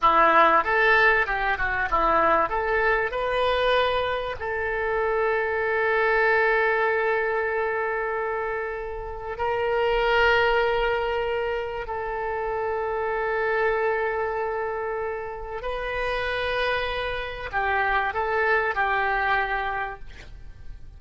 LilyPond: \new Staff \with { instrumentName = "oboe" } { \time 4/4 \tempo 4 = 96 e'4 a'4 g'8 fis'8 e'4 | a'4 b'2 a'4~ | a'1~ | a'2. ais'4~ |
ais'2. a'4~ | a'1~ | a'4 b'2. | g'4 a'4 g'2 | }